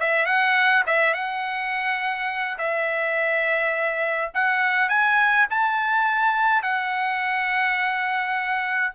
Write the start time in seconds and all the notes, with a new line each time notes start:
0.00 E5
0.26 F#5
0.87 E5
1.14 F#5
2.59 E5
4.34 F#5
4.89 G#5
5.51 A5
6.63 F#5